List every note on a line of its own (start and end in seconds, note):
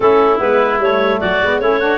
0.00 0.39 A3
0.00 0.38 C#4
0.00 1.20 E4
0.00 0.39 A4
0.38 0.78 G#3
0.38 0.78 B3
0.38 0.80 B4
0.78 1.19 G3
0.78 1.41 A3
0.78 1.20 C#5
1.20 1.41 F#3
1.20 1.60 F#4
1.20 1.59 D5
1.41 1.60 G#3
1.41 1.61 B3
1.59 1.98 A3
1.59 1.80 C#4
1.59 1.79 E4
1.59 1.98 C#5
1.79 1.98 D4
1.79 1.98 F#4